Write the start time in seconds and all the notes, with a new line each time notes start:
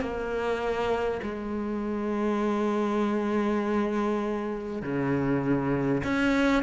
0.00 A#3
1.22 G#3
4.82 C#3
6.03 C#4